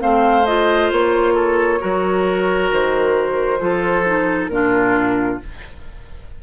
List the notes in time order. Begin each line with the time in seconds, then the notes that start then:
0.00 A3 C4 C5 F5
0.46 F4 D#5
0.92 A#3 C#5
1.35 A4
1.80 F#3 F#4 A#4
2.72 D#3 C5
3.60 F3 F4 A4
4.06 D#4
4.49 A#2 D4 F4 A#4